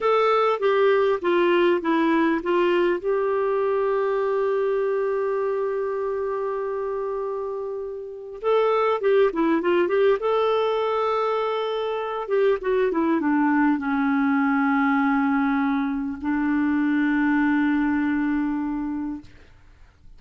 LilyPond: \new Staff \with { instrumentName = "clarinet" } { \time 4/4 \tempo 4 = 100 a'4 g'4 f'4 e'4 | f'4 g'2.~ | g'1~ | g'2 a'4 g'8 e'8 |
f'8 g'8 a'2.~ | a'8 g'8 fis'8 e'8 d'4 cis'4~ | cis'2. d'4~ | d'1 | }